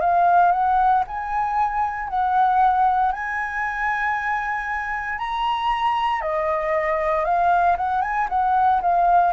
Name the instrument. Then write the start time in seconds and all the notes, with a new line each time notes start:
flute
0.00 F5
0.52 F#5
1.07 G#5
2.08 F#5
3.12 G#5
5.18 A#5
6.21 D#5
7.25 F5
7.77 F#5
8.02 G#5
8.29 F#5
8.81 F5